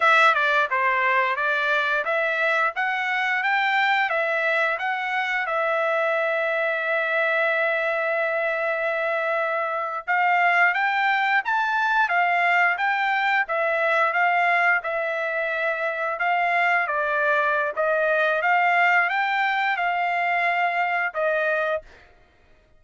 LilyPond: \new Staff \with { instrumentName = "trumpet" } { \time 4/4 \tempo 4 = 88 e''8 d''8 c''4 d''4 e''4 | fis''4 g''4 e''4 fis''4 | e''1~ | e''2~ e''8. f''4 g''16~ |
g''8. a''4 f''4 g''4 e''16~ | e''8. f''4 e''2 f''16~ | f''8. d''4~ d''16 dis''4 f''4 | g''4 f''2 dis''4 | }